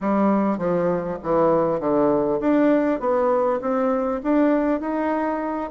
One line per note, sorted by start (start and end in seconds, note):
0.00 0.58 G3
0.58 1.18 F3
1.22 1.80 E3
1.80 2.40 D3
2.40 2.99 D4
2.99 3.59 B3
3.61 4.21 C4
4.23 4.80 D4
4.80 5.70 D#4